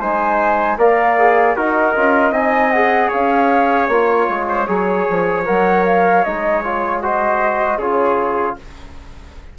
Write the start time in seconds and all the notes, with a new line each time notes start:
0.00 G#3 D#4 C5 G#5
0.78 A#3 A#4 D5 F5
1.19 G#4
1.56 D#4 F#4 A#4 D#5
1.96 C#4 F4
2.31 C4 D#4 D#5 G#5
2.71 G#4 F#5
3.09 C#4 C#5 F5
3.87 A#3 F4 C#5
4.29 G#3
4.49 C5
4.68 F#3 G#4 C#5
5.10 F3
5.45 F#3 A#4 F#5
5.85 F5
6.24 G#3 D#4 D#5
6.64 F4 C#5
7.02 F#4 C5 D#5
7.77 C#3 F4 G#4 C#5